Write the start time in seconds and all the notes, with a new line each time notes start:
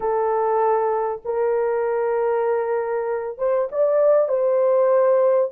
0.00 A4
1.24 A#4
3.38 C5
3.71 D5
4.28 C5